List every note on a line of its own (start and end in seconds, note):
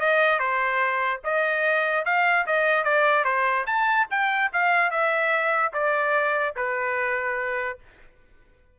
0.00 0.39 D#5
0.39 1.21 C5
1.24 2.05 D#5
2.05 2.46 F5
2.46 2.84 D#5
2.84 3.24 D5
3.24 3.65 C5
3.66 4.07 A5
4.10 4.51 G5
4.53 4.91 F5
4.91 5.72 E5
5.73 6.55 D5
6.56 7.78 B4